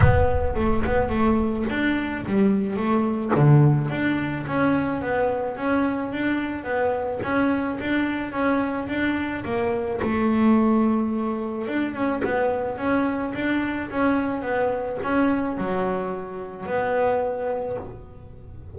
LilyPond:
\new Staff \with { instrumentName = "double bass" } { \time 4/4 \tempo 4 = 108 b4 a8 b8 a4 d'4 | g4 a4 d4 d'4 | cis'4 b4 cis'4 d'4 | b4 cis'4 d'4 cis'4 |
d'4 ais4 a2~ | a4 d'8 cis'8 b4 cis'4 | d'4 cis'4 b4 cis'4 | fis2 b2 | }